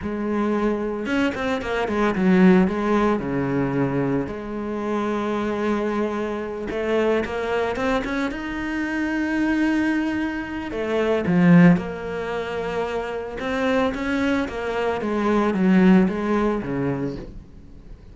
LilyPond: \new Staff \with { instrumentName = "cello" } { \time 4/4 \tempo 4 = 112 gis2 cis'8 c'8 ais8 gis8 | fis4 gis4 cis2 | gis1~ | gis8 a4 ais4 c'8 cis'8 dis'8~ |
dis'1 | a4 f4 ais2~ | ais4 c'4 cis'4 ais4 | gis4 fis4 gis4 cis4 | }